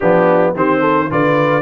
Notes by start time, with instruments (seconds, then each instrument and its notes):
0.00 tuba F3, trombone B3, horn D4, trumpet G4
0.55 tuba D#3, trombone C4, horn G4, trumpet C5
0.80 horn A4
1.10 tuba D3, trombone F4, horn B4, trumpet D5